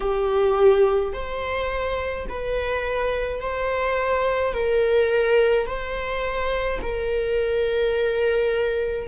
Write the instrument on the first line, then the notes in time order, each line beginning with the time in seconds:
viola
0.00 G4
1.13 C5
2.28 B4
3.40 C5
4.53 A#4
5.66 C5
6.82 A#4